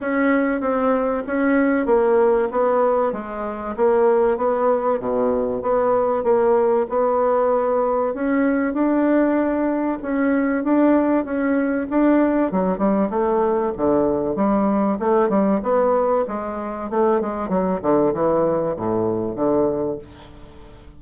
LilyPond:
\new Staff \with { instrumentName = "bassoon" } { \time 4/4 \tempo 4 = 96 cis'4 c'4 cis'4 ais4 | b4 gis4 ais4 b4 | b,4 b4 ais4 b4~ | b4 cis'4 d'2 |
cis'4 d'4 cis'4 d'4 | fis8 g8 a4 d4 g4 | a8 g8 b4 gis4 a8 gis8 | fis8 d8 e4 a,4 d4 | }